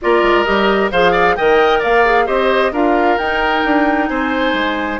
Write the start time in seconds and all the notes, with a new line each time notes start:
0.01 A#3 F4 A#4 D5
0.22 G#3
0.44 G3 G4 D#5
0.91 F3 G#4 C5 F5
1.11 D5
1.35 D#3 A#4 D#5 G5
1.79 A#3 D5 F5
2.05 G#4
2.26 C4 G4 C5 D#5
2.72 D4 F4 A#4 F5
3.18 D#4 G5
3.64 D4
4.07 C4 C5 G#5
4.53 G#3